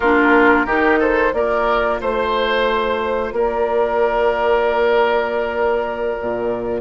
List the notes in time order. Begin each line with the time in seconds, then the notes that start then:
0.00 A#3 D4 F4 A#4
0.65 D#3 D#4 G4
0.99 A4 C5
1.31 A#3 F4 A#4 D5
2.01 A3 C5
3.32 A#3 A#4 D5
6.20 A#2